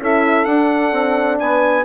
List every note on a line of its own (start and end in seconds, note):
0.00 0.46 C#4
0.00 0.46 E4
0.00 1.39 A4
0.00 0.45 E5
0.45 0.92 D4
0.45 1.85 D4
0.45 1.38 F#5
0.92 1.38 C4
1.39 1.85 B3
1.39 1.85 B4
1.39 1.85 G#5